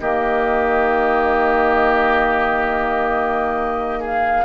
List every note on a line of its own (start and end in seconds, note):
0.00 4.45 D#3
0.00 4.45 A#3
0.00 4.00 G4
0.00 4.03 D#5
4.00 4.45 G#4
4.00 4.45 F5